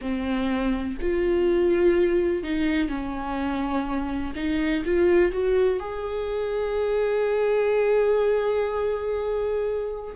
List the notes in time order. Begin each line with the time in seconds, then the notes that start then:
0.00 C4
1.00 F4
2.43 D#4
2.88 C#4
4.35 D#4
4.85 F4
5.32 F#4
5.79 G#4